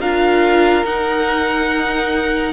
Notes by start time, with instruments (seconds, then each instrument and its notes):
0.00 cello D4, viola F4, violin A#4 F5
0.85 viola D#4, cello D#4, violin F#5